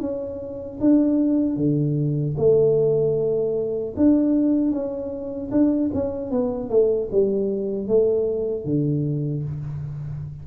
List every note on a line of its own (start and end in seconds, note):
0.00 0.79 C#4
0.80 1.56 D4
1.56 2.35 D3
2.37 3.95 A3
3.97 4.71 D4
4.71 5.50 C#4
5.51 5.91 D4
5.94 6.31 C#4
6.31 6.69 B3
6.69 7.09 A3
7.12 7.87 G3
7.87 8.64 A3
8.64 9.43 D3